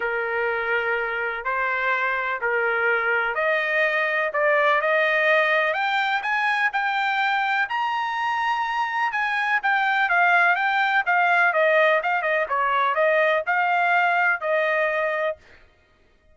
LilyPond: \new Staff \with { instrumentName = "trumpet" } { \time 4/4 \tempo 4 = 125 ais'2. c''4~ | c''4 ais'2 dis''4~ | dis''4 d''4 dis''2 | g''4 gis''4 g''2 |
ais''2. gis''4 | g''4 f''4 g''4 f''4 | dis''4 f''8 dis''8 cis''4 dis''4 | f''2 dis''2 | }